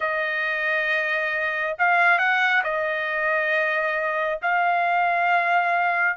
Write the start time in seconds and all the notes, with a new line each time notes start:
0.00 D#5
1.78 F5
2.18 F#5
2.63 D#5
4.42 F5